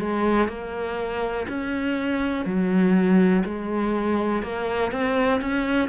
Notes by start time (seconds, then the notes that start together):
0.00 G#3
0.48 A#3
1.48 C#4
2.45 F#3
3.45 G#3
4.43 A#3
4.92 C4
5.41 C#4